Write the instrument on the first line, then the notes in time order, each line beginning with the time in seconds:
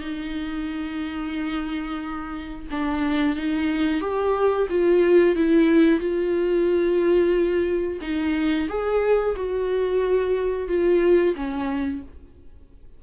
viola
0.00 D#4
2.71 D4
3.36 D#4
4.00 G4
4.70 F4
5.35 E4
5.99 F4
8.01 D#4
8.68 G#4
9.36 F#4
10.68 F4
11.35 C#4